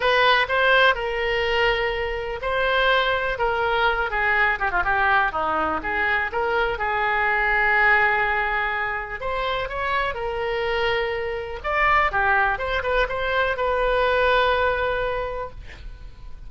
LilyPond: \new Staff \with { instrumentName = "oboe" } { \time 4/4 \tempo 4 = 124 b'4 c''4 ais'2~ | ais'4 c''2 ais'4~ | ais'8 gis'4 g'16 f'16 g'4 dis'4 | gis'4 ais'4 gis'2~ |
gis'2. c''4 | cis''4 ais'2. | d''4 g'4 c''8 b'8 c''4 | b'1 | }